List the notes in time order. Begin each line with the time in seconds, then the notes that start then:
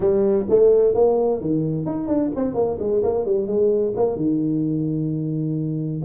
0.00 G3
0.49 A3
0.94 A#3
1.40 D#3
1.85 D#4
2.07 D4
2.35 C4
2.54 A#3
2.79 G#3
3.03 A#3
3.25 G3
3.47 G#3
3.95 A#3
4.15 D#3